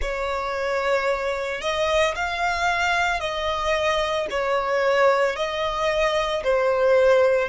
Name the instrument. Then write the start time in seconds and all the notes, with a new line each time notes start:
violin
0.01 C#5
1.61 D#5
2.15 F5
3.19 D#5
4.30 C#5
5.36 D#5
6.43 C5